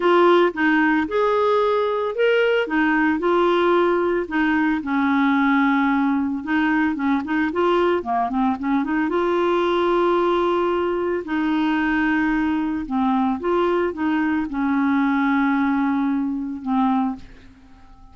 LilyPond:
\new Staff \with { instrumentName = "clarinet" } { \time 4/4 \tempo 4 = 112 f'4 dis'4 gis'2 | ais'4 dis'4 f'2 | dis'4 cis'2. | dis'4 cis'8 dis'8 f'4 ais8 c'8 |
cis'8 dis'8 f'2.~ | f'4 dis'2. | c'4 f'4 dis'4 cis'4~ | cis'2. c'4 | }